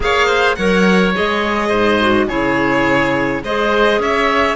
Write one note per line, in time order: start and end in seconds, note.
0.00 0.56 A#3
0.00 0.56 G#4
0.00 0.26 C#5
0.00 0.55 F5
0.26 0.55 C5
0.55 1.15 F#3
0.55 1.15 A#4
0.55 1.68 C#5
0.55 1.12 F#5
1.15 1.71 G#3
1.15 2.00 G#4
1.15 2.28 D#5
1.68 2.28 G#2
1.68 2.25 C5
2.00 2.28 F#4
2.27 3.42 C#3
2.27 3.43 E4
2.27 3.42 G#4
2.27 3.42 C#5
3.42 3.98 G#3
3.42 4.55 G#4
3.42 4.00 C5
3.42 4.01 D#5
3.98 4.55 C#4
3.98 4.55 C#5
3.98 4.55 E5